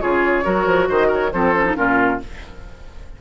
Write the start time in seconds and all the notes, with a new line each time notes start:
0.00 C#3 F4 G#4 C#5
0.43 F#3 F#4 A#4
0.66 F3
0.88 D#3 C5 D#5
1.07 A#4 C#5
1.32 F3 C4 A4 C5
1.54 C#4
1.65 D#4
1.75 A#2 C#4 F4 A#4